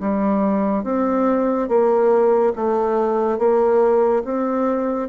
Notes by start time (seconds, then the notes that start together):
0.00 G3
0.84 C4
1.68 A#3
2.55 A3
3.38 A#3
4.24 C4